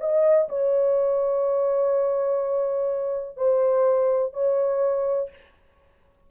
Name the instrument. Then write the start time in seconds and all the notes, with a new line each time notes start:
horn
0.00 D#5
0.49 C#5
3.37 C5
4.33 C#5